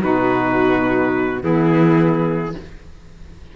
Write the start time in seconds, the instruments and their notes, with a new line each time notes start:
0.00 cello B2, saxophone D#4, violin F#4, trumpet B4
1.40 cello E3, saxophone B3, violin E4, trumpet G#4